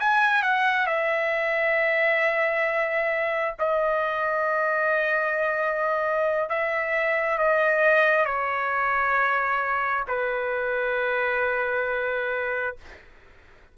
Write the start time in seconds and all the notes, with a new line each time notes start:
0.00 G#5
0.43 F#5
0.87 E5
3.59 D#5
6.50 E5
7.38 D#5
8.26 C#5
10.08 B4